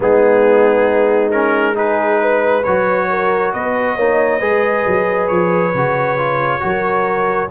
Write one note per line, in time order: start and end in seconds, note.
0.00 2.64 G#3
0.00 1.31 B3
0.00 1.75 D#4
0.00 1.31 G#4
1.31 1.74 C#4
1.31 1.75 A#4
1.74 2.62 D#4
1.74 2.19 G#4
1.74 2.63 B4
2.20 3.08 B4
2.63 3.53 F#3
2.63 3.98 F#4
2.63 3.51 C#5
3.10 3.53 A#4
3.53 3.96 B3
3.53 3.95 B4
3.53 5.27 D#5
3.95 4.40 A#3
3.95 4.40 D#4
3.95 4.39 C#5
4.39 4.85 G#3
4.39 5.72 G#4
4.39 6.60 B4
4.86 5.30 F#3
5.27 5.74 F3
5.27 7.48 C#5
5.74 6.62 C#3
5.74 6.17 F#4
6.17 6.60 F4
6.60 7.51 F#3
6.60 7.48 F#4
6.60 7.51 A#4